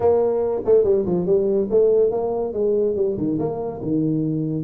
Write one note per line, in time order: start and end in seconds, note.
0.00 0.62 A#3
0.65 0.84 A3
0.84 1.05 G3
1.05 1.26 F3
1.26 1.68 G3
1.70 2.10 A3
2.10 2.53 A#3
2.53 2.95 G#3
2.95 3.16 G3
3.17 3.38 D#3
3.38 3.80 A#3
3.82 4.64 D#3